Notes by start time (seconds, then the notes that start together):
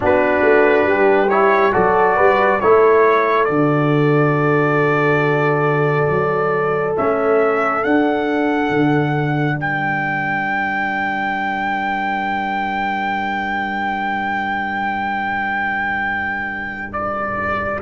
0.00 B3 D4 F#4 B4
0.43 A3
0.85 G3 G4
1.29 E4 C#5
1.72 F#3 F#4 A4 D5
2.16 G3 B4
2.60 A3 E4 A4 C#5
3.45 D3 F#4 D5
6.09 F#3
6.96 A3 C#4 E5
7.82 D4 F#5
8.70 D3
9.54 G3 A#4 G5
16.92 D5